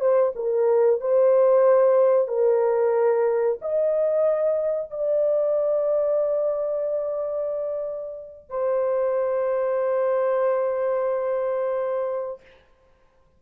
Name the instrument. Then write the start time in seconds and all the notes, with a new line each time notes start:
horn
0.00 C5
0.35 A#4
1.00 C5
2.28 A#4
3.61 D#5
4.91 D5
8.50 C5